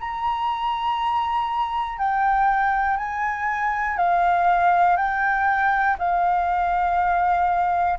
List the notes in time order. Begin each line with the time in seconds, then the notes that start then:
0.00 A#5
1.99 G5
2.97 G#5
3.97 F5
4.97 G5
5.99 F5